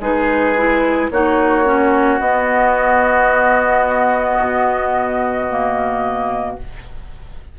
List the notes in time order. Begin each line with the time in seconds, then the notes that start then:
0.00 G#3 D#4 G#4 B4
0.57 E4
1.11 A#3 D#4 F#4 C#5
1.65 C#4
2.20 B3 D#5
4.40 B2
5.49 A#3